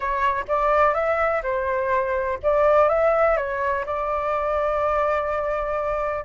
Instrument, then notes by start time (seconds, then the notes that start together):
flute
0.00 C#5
0.47 D5
0.94 E5
1.42 C5
2.42 D5
2.88 E5
3.36 C#5
3.85 D5